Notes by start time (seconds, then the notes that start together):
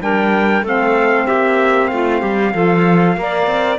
0.00 G3 D4 A#4 G5
0.62 A3 C4 A4 F5
1.26 A#3 G4 E5
1.88 A3 F4 F5
2.20 G3 G4
2.53 F3 F4 A4
3.16 A#3 A#4 D5
3.47 C4